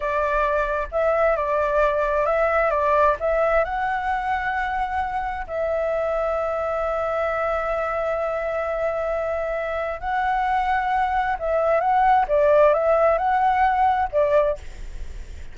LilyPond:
\new Staff \with { instrumentName = "flute" } { \time 4/4 \tempo 4 = 132 d''2 e''4 d''4~ | d''4 e''4 d''4 e''4 | fis''1 | e''1~ |
e''1~ | e''2 fis''2~ | fis''4 e''4 fis''4 d''4 | e''4 fis''2 d''4 | }